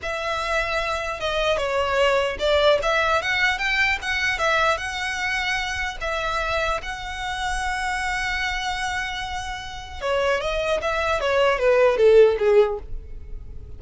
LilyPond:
\new Staff \with { instrumentName = "violin" } { \time 4/4 \tempo 4 = 150 e''2. dis''4 | cis''2 d''4 e''4 | fis''4 g''4 fis''4 e''4 | fis''2. e''4~ |
e''4 fis''2.~ | fis''1~ | fis''4 cis''4 dis''4 e''4 | cis''4 b'4 a'4 gis'4 | }